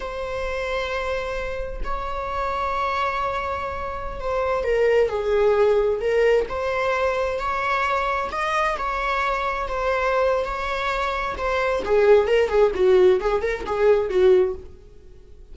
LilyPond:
\new Staff \with { instrumentName = "viola" } { \time 4/4 \tempo 4 = 132 c''1 | cis''1~ | cis''4~ cis''16 c''4 ais'4 gis'8.~ | gis'4~ gis'16 ais'4 c''4.~ c''16~ |
c''16 cis''2 dis''4 cis''8.~ | cis''4~ cis''16 c''4.~ c''16 cis''4~ | cis''4 c''4 gis'4 ais'8 gis'8 | fis'4 gis'8 ais'8 gis'4 fis'4 | }